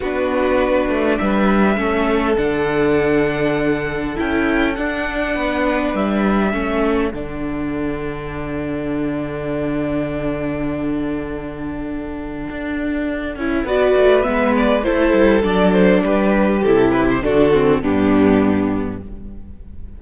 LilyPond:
<<
  \new Staff \with { instrumentName = "violin" } { \time 4/4 \tempo 4 = 101 b'2 e''2 | fis''2. g''4 | fis''2 e''2 | fis''1~ |
fis''1~ | fis''2. d''4 | e''8 d''8 c''4 d''8 c''8 b'4 | a'8 b'16 c''16 a'4 g'2 | }
  \new Staff \with { instrumentName = "violin" } { \time 4/4 fis'2 b'4 a'4~ | a'1~ | a'4 b'2 a'4~ | a'1~ |
a'1~ | a'2. b'4~ | b'4 a'2 g'4~ | g'4 fis'4 d'2 | }
  \new Staff \with { instrumentName = "viola" } { \time 4/4 d'2. cis'4 | d'2. e'4 | d'2. cis'4 | d'1~ |
d'1~ | d'2~ d'8 e'8 fis'4 | b4 e'4 d'2 | e'4 d'8 c'8 b2 | }
  \new Staff \with { instrumentName = "cello" } { \time 4/4 b4. a8 g4 a4 | d2. cis'4 | d'4 b4 g4 a4 | d1~ |
d1~ | d4 d'4. cis'8 b8 a8 | gis4 a8 g8 fis4 g4 | c4 d4 g,2 | }
>>